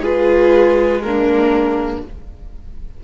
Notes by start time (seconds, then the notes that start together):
0.00 G#3 F4 G#4 B4
1.02 A#3 D4 A#4